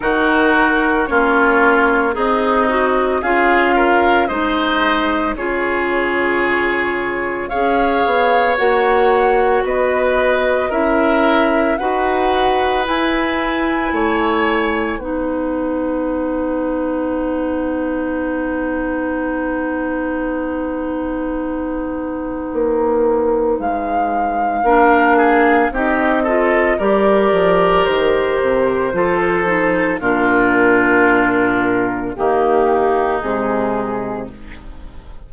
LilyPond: <<
  \new Staff \with { instrumentName = "flute" } { \time 4/4 \tempo 4 = 56 ais'4 cis''4 dis''4 f''4 | dis''4 cis''2 f''4 | fis''4 dis''4 e''4 fis''4 | gis''2 fis''2~ |
fis''1~ | fis''2 f''2 | dis''4 d''4 c''2 | ais'2 g'4 gis'4 | }
  \new Staff \with { instrumentName = "oboe" } { \time 4/4 fis'4 f'4 dis'4 gis'8 ais'8 | c''4 gis'2 cis''4~ | cis''4 b'4 ais'4 b'4~ | b'4 cis''4 b'2~ |
b'1~ | b'2. ais'8 gis'8 | g'8 a'8 ais'2 a'4 | f'2 dis'2 | }
  \new Staff \with { instrumentName = "clarinet" } { \time 4/4 dis'4 cis'4 gis'8 fis'8 f'4 | dis'4 f'2 gis'4 | fis'2 e'4 fis'4 | e'2 dis'2~ |
dis'1~ | dis'2. d'4 | dis'8 f'8 g'2 f'8 dis'8 | d'2 ais4 gis4 | }
  \new Staff \with { instrumentName = "bassoon" } { \time 4/4 dis4 ais4 c'4 cis'4 | gis4 cis2 cis'8 b8 | ais4 b4 cis'4 dis'4 | e'4 a4 b2~ |
b1~ | b4 ais4 gis4 ais4 | c'4 g8 f8 dis8 c8 f4 | ais,2 dis4 c4 | }
>>